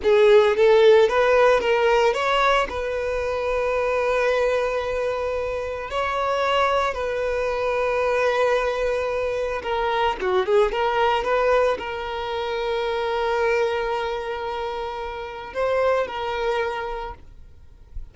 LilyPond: \new Staff \with { instrumentName = "violin" } { \time 4/4 \tempo 4 = 112 gis'4 a'4 b'4 ais'4 | cis''4 b'2.~ | b'2. cis''4~ | cis''4 b'2.~ |
b'2 ais'4 fis'8 gis'8 | ais'4 b'4 ais'2~ | ais'1~ | ais'4 c''4 ais'2 | }